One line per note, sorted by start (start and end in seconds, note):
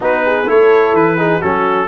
0.00 0.48 B3
0.00 0.45 D#4
0.00 0.24 F#4
0.00 0.49 B4
0.25 0.48 G#4
0.46 0.92 A3
0.46 1.17 E4
0.46 1.18 A4
0.46 0.95 C#5
0.92 1.40 E3
0.92 1.41 B4
1.17 1.41 D#4
1.17 1.38 G#4
1.38 1.87 F#3
1.38 1.87 C#4
1.38 1.86 F#4
1.38 1.87 A4